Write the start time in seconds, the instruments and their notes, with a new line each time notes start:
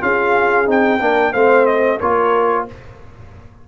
0.00 tuba C#4, trombone F4, horn G#4, trumpet F5
0.66 tuba C4, trombone D#4, trumpet G5
1.00 tuba A#3, trombone D4, horn A#4
1.33 tuba A3, trombone C4, horn C5, trumpet F5
1.66 trumpet D#5
2.00 tuba A#3, trombone F4, horn A#4, trumpet C#5